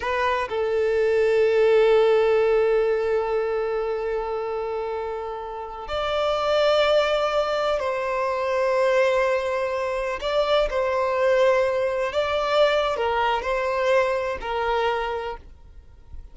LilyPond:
\new Staff \with { instrumentName = "violin" } { \time 4/4 \tempo 4 = 125 b'4 a'2.~ | a'1~ | a'1~ | a'16 d''2.~ d''8.~ |
d''16 c''2.~ c''8.~ | c''4~ c''16 d''4 c''4.~ c''16~ | c''4~ c''16 d''4.~ d''16 ais'4 | c''2 ais'2 | }